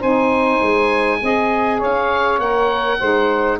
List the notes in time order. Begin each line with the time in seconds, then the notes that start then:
0.00 C4 D#4 C5 G#5
0.62 G#3
1.22 C4 G#4 D#5
1.78 C#4 C#5 F5
2.39 A#3 A#4 F#5
3.00 G#3 D#4 C5